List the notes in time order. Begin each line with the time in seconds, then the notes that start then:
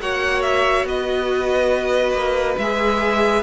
0.00 A#3 F#4 C#5 F#5
0.42 E5
0.85 B3 B4 D#5
2.13 A#3
2.58 G#3 G#4 E5